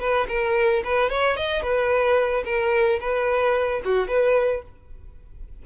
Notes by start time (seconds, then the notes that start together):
0.00 B4
0.29 A#4
0.84 B4
1.10 C#5
1.37 D#5
1.62 B4
2.45 A#4
3.00 B4
3.85 F#4
4.08 B4